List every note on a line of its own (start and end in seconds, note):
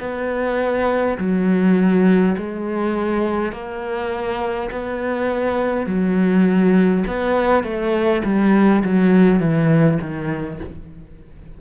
0.00 1.18 B3
1.18 2.36 F#3
2.37 3.53 G#3
3.53 4.71 A#3
4.72 5.87 B3
5.87 7.04 F#3
7.07 7.64 B3
7.64 8.23 A3
8.25 8.83 G3
8.84 9.40 F#3
9.40 9.98 E3
10.01 10.60 D#3